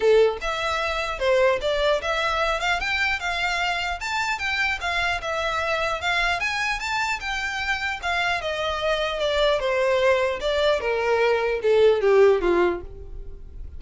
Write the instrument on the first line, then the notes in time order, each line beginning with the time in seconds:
violin
0.00 A4
0.41 E5
1.19 C5
1.61 D5
2.01 E5
2.60 F5
2.79 G5
3.19 F5
4.00 A5
4.39 G5
4.81 F5
5.21 E5
6.01 F5
6.40 G#5
6.79 A5
7.20 G5
8.02 F5
8.41 D#5
9.19 D5
9.59 C5
10.40 D5
10.80 A#4
11.62 A4
12.01 G4
12.41 F4